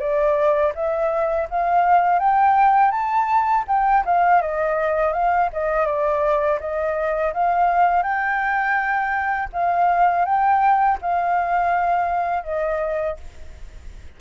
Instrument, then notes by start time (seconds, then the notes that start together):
flute
0.00 D5
0.75 E5
1.51 F5
2.20 G5
2.92 A5
3.68 G5
4.06 F5
4.42 D#5
5.14 F5
5.53 D#5
5.86 D5
6.61 D#5
7.34 F5
8.03 G5
9.53 F5
10.26 G5
11.02 F5
12.44 D#5